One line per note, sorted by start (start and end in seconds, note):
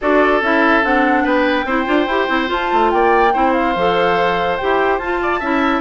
0.01 0.41 D4
0.01 0.43 F#4
0.01 1.23 A4
0.01 0.42 D5
0.41 0.82 C#4
0.41 0.83 E4
0.41 0.84 E5
0.83 1.25 C4
0.83 1.67 D4
0.83 1.26 F#5
1.23 1.65 B3
1.23 1.65 B4
1.23 2.51 G5
1.65 1.86 C4
1.65 1.85 E4
1.65 2.91 C5
1.85 2.06 D4
1.85 2.06 F4
2.06 2.27 E4
2.06 2.28 G4
2.28 2.49 C4
2.28 2.47 E4
2.47 3.30 F4
2.47 2.71 F4
2.47 2.90 A5
2.72 2.93 A3
2.90 3.34 A#3
2.90 3.33 D5
2.90 3.53 G5
3.33 3.75 C4
3.33 3.75 E4
3.33 5.20 C5
3.53 4.56 F5
3.75 4.59 F3
3.75 4.60 A4
4.56 5.01 G4
4.56 4.98 G5
4.63 4.98 E4
4.98 5.40 F4
4.98 5.41 F4
4.98 5.81 A5
5.22 5.39 D5
5.39 5.81 C#4
5.39 5.81 E4
5.39 5.81 E5